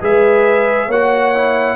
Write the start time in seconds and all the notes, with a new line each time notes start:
0.00 G#3 G#4 B4 E5
0.87 A#3 F#4 C#5 F#5
1.34 E4